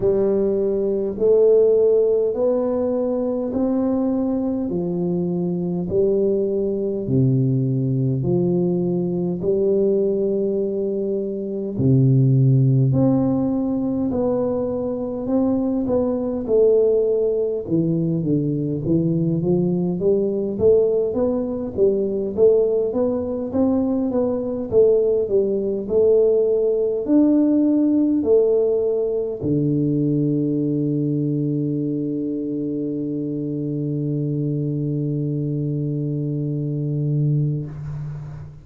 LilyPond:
\new Staff \with { instrumentName = "tuba" } { \time 4/4 \tempo 4 = 51 g4 a4 b4 c'4 | f4 g4 c4 f4 | g2 c4 c'4 | b4 c'8 b8 a4 e8 d8 |
e8 f8 g8 a8 b8 g8 a8 b8 | c'8 b8 a8 g8 a4 d'4 | a4 d2.~ | d1 | }